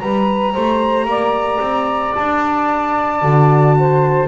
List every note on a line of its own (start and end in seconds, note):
0.00 0.56 G3
0.00 3.21 G4
0.00 0.53 B4
0.00 2.14 A#5
0.53 1.05 A3
0.53 1.06 C5
1.05 1.59 A#3
1.05 3.77 D5
1.60 2.14 C4
2.15 3.22 D4
2.15 4.29 A5
3.21 4.29 D3
3.21 4.28 F#4
3.79 4.29 C5